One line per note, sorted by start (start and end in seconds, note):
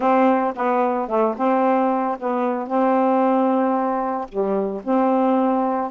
0.00 0.53 C4
0.55 1.07 B3
1.07 1.34 A3
1.37 2.17 C4
2.19 2.67 B3
2.67 4.27 C4
4.28 4.82 G3
4.84 5.90 C4